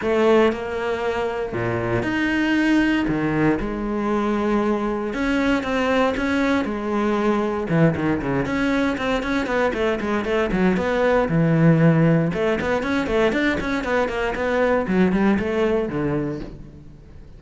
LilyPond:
\new Staff \with { instrumentName = "cello" } { \time 4/4 \tempo 4 = 117 a4 ais2 ais,4 | dis'2 dis4 gis4~ | gis2 cis'4 c'4 | cis'4 gis2 e8 dis8 |
cis8 cis'4 c'8 cis'8 b8 a8 gis8 | a8 fis8 b4 e2 | a8 b8 cis'8 a8 d'8 cis'8 b8 ais8 | b4 fis8 g8 a4 d4 | }